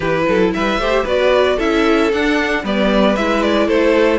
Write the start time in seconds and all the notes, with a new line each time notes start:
0.00 E3 E4 G4 B4
0.28 F#3 A4
0.53 G3 B4 E5
0.77 A3 G4 C5
1.03 B3 F#4 B4 D5
1.56 C#4 E4 A4 E5
2.12 D4 F#5
2.63 G3 B3 B4 D5
3.16 G#3 E4 E5
3.42 D5
3.67 A3 A4 C5